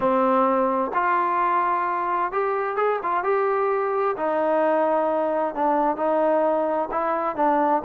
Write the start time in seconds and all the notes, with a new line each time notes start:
0.00 C4
0.93 F4
2.32 G4
2.76 G#4
3.03 F4
3.23 G4
4.16 D#4
5.54 D4
5.96 D#4
6.91 E4
7.36 D4